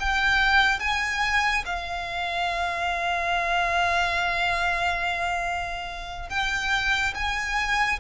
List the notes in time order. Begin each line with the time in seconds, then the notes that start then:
0.00 G5
0.80 G#5
1.66 F5
6.30 G5
7.15 G#5